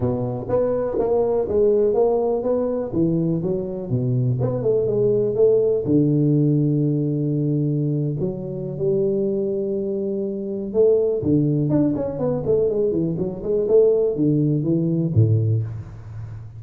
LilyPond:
\new Staff \with { instrumentName = "tuba" } { \time 4/4 \tempo 4 = 123 b,4 b4 ais4 gis4 | ais4 b4 e4 fis4 | b,4 b8 a8 gis4 a4 | d1~ |
d8. fis4~ fis16 g2~ | g2 a4 d4 | d'8 cis'8 b8 a8 gis8 e8 fis8 gis8 | a4 d4 e4 a,4 | }